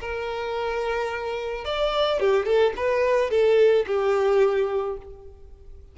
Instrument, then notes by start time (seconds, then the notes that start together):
violin
0.00 A#4
1.65 D5
2.20 G4
2.45 A4
2.76 B4
3.30 A4
3.87 G4